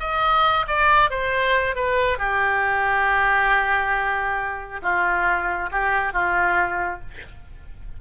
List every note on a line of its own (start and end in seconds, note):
0.00 0.66 D#5
0.67 1.10 D5
1.10 1.76 C5
1.76 2.18 B4
2.18 4.81 G4
4.82 5.70 F4
5.72 6.13 G4
6.13 7.01 F4